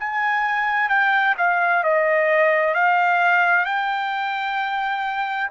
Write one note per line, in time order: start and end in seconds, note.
0.00 0.90 G#5
0.90 1.36 G5
1.38 1.84 F5
1.84 2.75 D#5
2.75 3.66 F5
3.66 5.50 G5